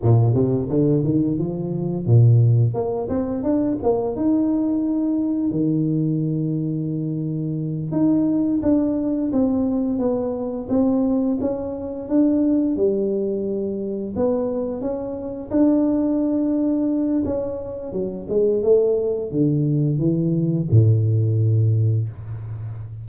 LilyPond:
\new Staff \with { instrumentName = "tuba" } { \time 4/4 \tempo 4 = 87 ais,8 c8 d8 dis8 f4 ais,4 | ais8 c'8 d'8 ais8 dis'2 | dis2.~ dis8 dis'8~ | dis'8 d'4 c'4 b4 c'8~ |
c'8 cis'4 d'4 g4.~ | g8 b4 cis'4 d'4.~ | d'4 cis'4 fis8 gis8 a4 | d4 e4 a,2 | }